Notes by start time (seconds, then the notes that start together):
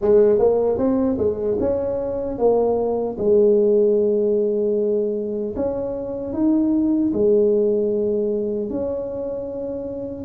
0.01 G#3
0.38 A#3
0.78 C4
1.18 G#3
1.60 C#4
2.38 A#3
3.18 G#3
5.56 C#4
6.33 D#4
7.13 G#3
8.69 C#4